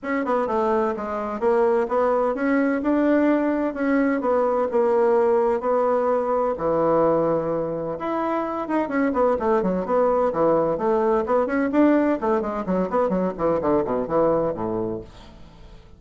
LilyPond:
\new Staff \with { instrumentName = "bassoon" } { \time 4/4 \tempo 4 = 128 cis'8 b8 a4 gis4 ais4 | b4 cis'4 d'2 | cis'4 b4 ais2 | b2 e2~ |
e4 e'4. dis'8 cis'8 b8 | a8 fis8 b4 e4 a4 | b8 cis'8 d'4 a8 gis8 fis8 b8 | fis8 e8 d8 b,8 e4 a,4 | }